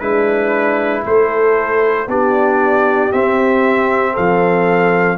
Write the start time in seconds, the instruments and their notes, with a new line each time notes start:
0.00 tuba G#3, horn D4, trombone E4, trumpet B4
1.06 tuba A3, horn A4, trumpet C5
2.08 tuba B3, trombone D4, horn G4, trumpet D5
3.12 trombone C4, tuba C4, trumpet E5
4.13 tuba F3, horn A4, trumpet F5